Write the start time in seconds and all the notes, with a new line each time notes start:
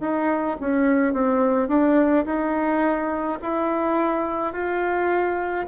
0.00 D#4
0.60 C#4
1.13 C4
1.68 D4
2.25 D#4
3.42 E4
4.53 F4